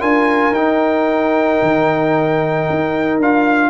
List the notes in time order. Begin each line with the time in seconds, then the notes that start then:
0.00 D4 F4 A#4 G#5
0.52 D#4 G5
1.63 D#3
2.70 D#4
3.19 D4 F4 F5